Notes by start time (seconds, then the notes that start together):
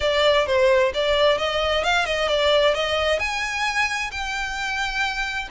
0.00 D5
0.46 C5
0.93 D5
1.37 D#5
1.83 F5
2.05 D#5
2.28 D5
2.74 D#5
3.19 G#5
4.11 G5